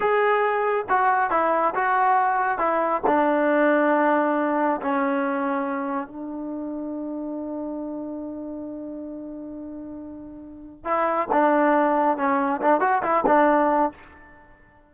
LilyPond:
\new Staff \with { instrumentName = "trombone" } { \time 4/4 \tempo 4 = 138 gis'2 fis'4 e'4 | fis'2 e'4 d'4~ | d'2. cis'4~ | cis'2 d'2~ |
d'1~ | d'1~ | d'4 e'4 d'2 | cis'4 d'8 fis'8 e'8 d'4. | }